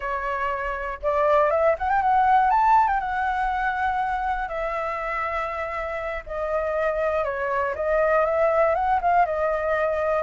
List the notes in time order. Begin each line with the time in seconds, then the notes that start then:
0.00 C#5
1.02 D5
1.50 E5
1.78 F#5
1.89 G5
2.01 F#5
2.50 A5
2.87 G5
3.00 F#5
4.48 E5
6.26 D#5
7.24 C#5
7.75 D#5
8.25 E5
8.75 F#5
9.01 F5
9.25 D#5